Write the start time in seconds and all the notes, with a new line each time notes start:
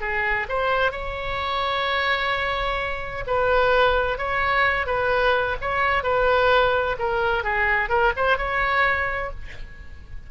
0.00 G#4
0.48 C5
0.91 C#5
3.26 B4
4.18 C#5
4.86 B4
5.61 C#5
6.03 B4
6.99 A#4
7.43 G#4
7.89 A#4
8.16 C5
8.37 C#5